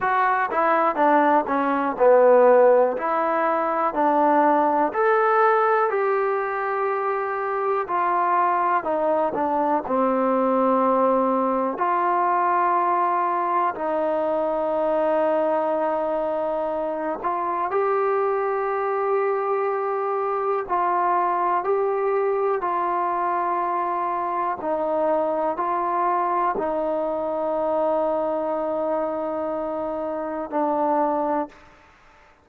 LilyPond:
\new Staff \with { instrumentName = "trombone" } { \time 4/4 \tempo 4 = 61 fis'8 e'8 d'8 cis'8 b4 e'4 | d'4 a'4 g'2 | f'4 dis'8 d'8 c'2 | f'2 dis'2~ |
dis'4. f'8 g'2~ | g'4 f'4 g'4 f'4~ | f'4 dis'4 f'4 dis'4~ | dis'2. d'4 | }